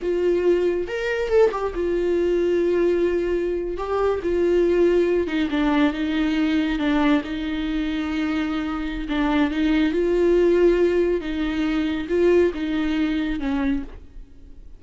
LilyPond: \new Staff \with { instrumentName = "viola" } { \time 4/4 \tempo 4 = 139 f'2 ais'4 a'8 g'8 | f'1~ | f'8. g'4 f'2~ f'16~ | f'16 dis'8 d'4 dis'2 d'16~ |
d'8. dis'2.~ dis'16~ | dis'4 d'4 dis'4 f'4~ | f'2 dis'2 | f'4 dis'2 cis'4 | }